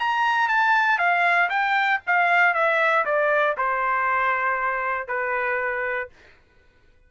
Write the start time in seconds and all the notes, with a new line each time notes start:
0.00 A#5
0.49 A5
0.99 F5
1.50 G5
2.07 F5
2.54 E5
3.06 D5
3.58 C5
5.08 B4